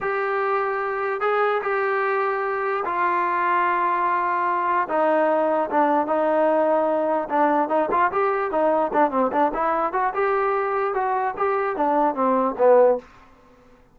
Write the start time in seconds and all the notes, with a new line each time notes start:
0.01 G4
1.21 G#4
1.62 G4
2.85 F4
4.88 D#4
5.70 D4
6.06 D#4
7.29 D4
7.68 D#4
7.91 F4
8.12 G4
8.51 D#4
8.93 D4
9.10 C4
9.32 D4
9.54 E4
9.92 F#4
10.14 G4
10.93 F#4
11.37 G4
11.76 D4
12.14 C4
12.57 B3